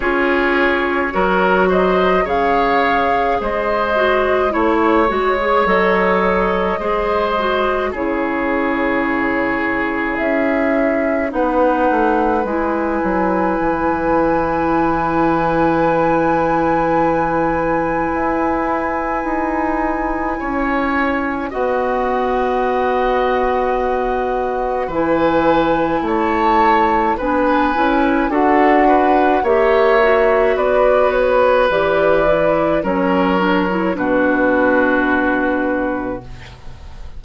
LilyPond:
<<
  \new Staff \with { instrumentName = "flute" } { \time 4/4 \tempo 4 = 53 cis''4. dis''8 f''4 dis''4 | cis''4 dis''2 cis''4~ | cis''4 e''4 fis''4 gis''4~ | gis''1~ |
gis''2. fis''4~ | fis''2 gis''4 a''4 | gis''4 fis''4 e''4 d''8 cis''8 | d''4 cis''4 b'2 | }
  \new Staff \with { instrumentName = "oboe" } { \time 4/4 gis'4 ais'8 c''8 cis''4 c''4 | cis''2 c''4 gis'4~ | gis'2 b'2~ | b'1~ |
b'2 cis''4 dis''4~ | dis''2 b'4 cis''4 | b'4 a'8 b'8 cis''4 b'4~ | b'4 ais'4 fis'2 | }
  \new Staff \with { instrumentName = "clarinet" } { \time 4/4 f'4 fis'4 gis'4. fis'8 | e'8 fis'16 gis'16 a'4 gis'8 fis'8 e'4~ | e'2 dis'4 e'4~ | e'1~ |
e'2. fis'4~ | fis'2 e'2 | d'8 e'8 fis'4 g'8 fis'4. | g'8 e'8 cis'8 d'16 e'16 d'2 | }
  \new Staff \with { instrumentName = "bassoon" } { \time 4/4 cis'4 fis4 cis4 gis4 | a8 gis8 fis4 gis4 cis4~ | cis4 cis'4 b8 a8 gis8 fis8 | e1 |
e'4 dis'4 cis'4 b4~ | b2 e4 a4 | b8 cis'8 d'4 ais4 b4 | e4 fis4 b,2 | }
>>